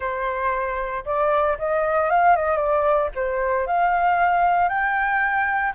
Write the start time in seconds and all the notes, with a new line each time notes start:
0.00 C5
1.05 D5
1.58 D#5
2.09 F5
2.36 D#5
2.57 D5
3.15 C5
3.66 F5
4.68 G5